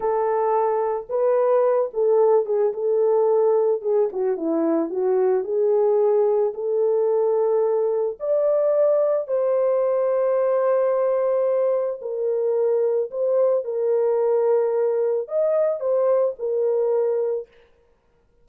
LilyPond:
\new Staff \with { instrumentName = "horn" } { \time 4/4 \tempo 4 = 110 a'2 b'4. a'8~ | a'8 gis'8 a'2 gis'8 fis'8 | e'4 fis'4 gis'2 | a'2. d''4~ |
d''4 c''2.~ | c''2 ais'2 | c''4 ais'2. | dis''4 c''4 ais'2 | }